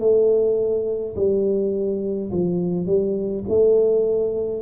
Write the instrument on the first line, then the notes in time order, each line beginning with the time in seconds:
tuba
0.00 A3
1.16 G3
2.32 F3
2.87 G3
3.49 A3